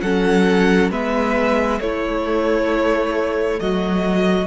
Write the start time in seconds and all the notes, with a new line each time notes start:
0.00 F#3 C#4 A4 F#5
0.90 G#3 B3 B4 E5
1.80 A3 E4 C#5
3.59 F#3 F#4 D#5